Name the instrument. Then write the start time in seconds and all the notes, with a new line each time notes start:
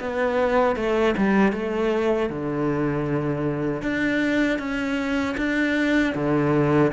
cello
0.00 B3
0.76 A3
1.17 G3
1.52 A3
2.29 D3
3.82 D4
4.58 C#4
5.37 D4
6.15 D3